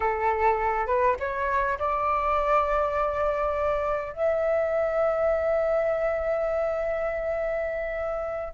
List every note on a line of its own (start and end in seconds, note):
0.00 0.86 A4
0.86 1.16 B4
1.19 1.78 C#5
1.78 4.13 D5
4.13 8.53 E5